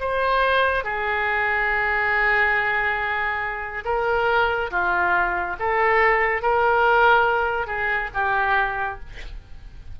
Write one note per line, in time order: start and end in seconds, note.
0.00 0.84 C5
0.84 3.84 G#4
3.85 4.71 A#4
4.71 5.56 F4
5.59 6.42 A4
6.42 7.67 A#4
7.67 8.10 G#4
8.14 9.00 G4